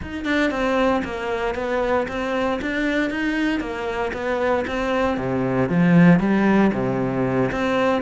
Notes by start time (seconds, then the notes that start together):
0.01 D#4
0.24 D4
0.50 C4
1.04 A#3
1.54 B3
2.08 C4
2.61 D4
3.10 D#4
3.59 A#3
4.13 B3
4.67 C4
5.17 C3
5.69 F3
6.19 G3
6.73 C3
7.51 C4